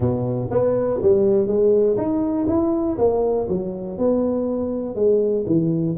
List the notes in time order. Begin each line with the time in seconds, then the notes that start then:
0.00 B2
0.50 B3
1.01 G3
1.47 G#3
1.97 D#4
2.48 E4
2.98 A#3
3.48 F#3
3.97 B3
4.95 G#3
5.46 E3